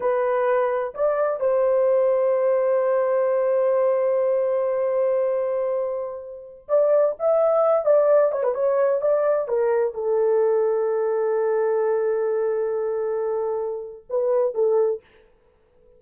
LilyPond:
\new Staff \with { instrumentName = "horn" } { \time 4/4 \tempo 4 = 128 b'2 d''4 c''4~ | c''1~ | c''1~ | c''2~ c''16 d''4 e''8.~ |
e''8. d''4 cis''16 b'16 cis''4 d''8.~ | d''16 ais'4 a'2~ a'8.~ | a'1~ | a'2 b'4 a'4 | }